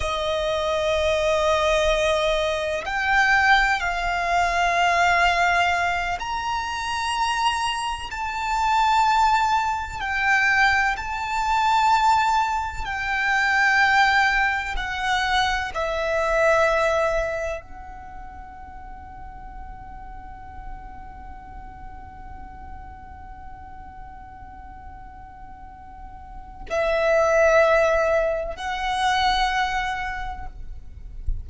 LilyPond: \new Staff \with { instrumentName = "violin" } { \time 4/4 \tempo 4 = 63 dis''2. g''4 | f''2~ f''8 ais''4.~ | ais''8 a''2 g''4 a''8~ | a''4. g''2 fis''8~ |
fis''8 e''2 fis''4.~ | fis''1~ | fis''1 | e''2 fis''2 | }